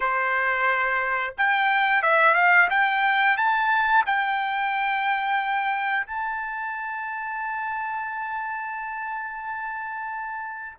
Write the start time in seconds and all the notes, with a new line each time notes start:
0.00 C5
1.37 G5
2.02 E5
2.34 F5
2.70 G5
3.37 A5
4.06 G5
6.06 A5